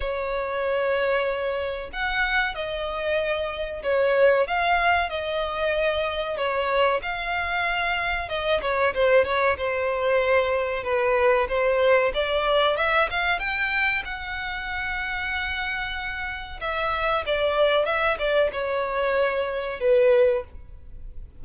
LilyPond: \new Staff \with { instrumentName = "violin" } { \time 4/4 \tempo 4 = 94 cis''2. fis''4 | dis''2 cis''4 f''4 | dis''2 cis''4 f''4~ | f''4 dis''8 cis''8 c''8 cis''8 c''4~ |
c''4 b'4 c''4 d''4 | e''8 f''8 g''4 fis''2~ | fis''2 e''4 d''4 | e''8 d''8 cis''2 b'4 | }